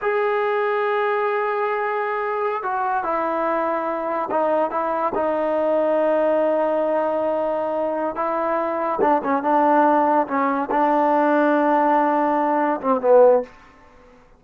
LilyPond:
\new Staff \with { instrumentName = "trombone" } { \time 4/4 \tempo 4 = 143 gis'1~ | gis'2~ gis'16 fis'4 e'8.~ | e'2~ e'16 dis'4 e'8.~ | e'16 dis'2.~ dis'8.~ |
dis'2.~ dis'8 e'8~ | e'4. d'8 cis'8 d'4.~ | d'8 cis'4 d'2~ d'8~ | d'2~ d'8 c'8 b4 | }